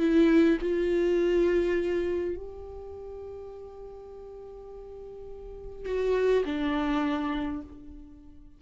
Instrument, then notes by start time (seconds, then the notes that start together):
viola
0.00 E4
0.62 F4
2.36 G4
5.86 F#4
6.46 D4